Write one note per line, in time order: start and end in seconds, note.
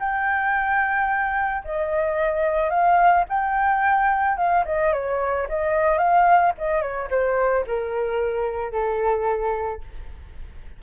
0.00 1.64 G5
1.65 2.70 D#5
2.70 3.25 F5
3.29 4.38 G5
4.38 4.65 F5
4.66 4.93 D#5
4.93 5.48 C#5
5.49 5.99 D#5
5.99 6.53 F5
6.59 6.82 D#5
6.82 7.09 C#5
7.11 7.65 C5
7.67 8.72 A#4
8.72 9.82 A4